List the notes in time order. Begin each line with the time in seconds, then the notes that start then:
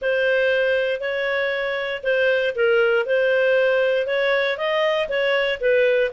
0.01 C5
1.00 C#5
2.03 C5
2.55 A#4
3.05 C5
4.06 C#5
4.57 D#5
5.08 C#5
5.60 B4